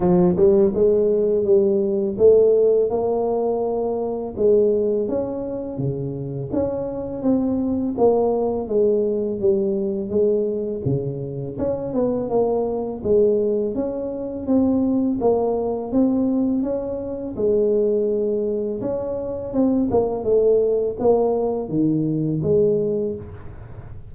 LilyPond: \new Staff \with { instrumentName = "tuba" } { \time 4/4 \tempo 4 = 83 f8 g8 gis4 g4 a4 | ais2 gis4 cis'4 | cis4 cis'4 c'4 ais4 | gis4 g4 gis4 cis4 |
cis'8 b8 ais4 gis4 cis'4 | c'4 ais4 c'4 cis'4 | gis2 cis'4 c'8 ais8 | a4 ais4 dis4 gis4 | }